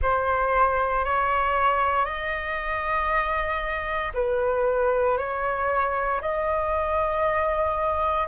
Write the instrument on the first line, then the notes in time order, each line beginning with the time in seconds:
flute
0.02 C5
1.04 C#5
2.05 D#5
4.14 B4
5.17 C#5
6.21 D#5